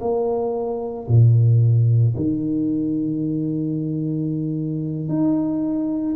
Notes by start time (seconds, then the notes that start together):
0.00 A#3
1.08 A#2
2.16 D#3
5.08 D#4